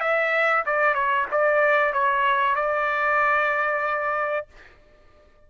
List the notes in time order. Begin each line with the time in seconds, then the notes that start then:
0.00 E5
0.66 D5
0.94 C#5
1.31 D5
1.93 C#5
2.55 D5